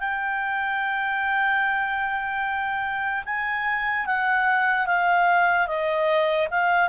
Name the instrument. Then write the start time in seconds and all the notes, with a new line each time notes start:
clarinet
0.00 G5
3.25 G#5
4.07 F#5
4.87 F5
5.68 D#5
6.51 F5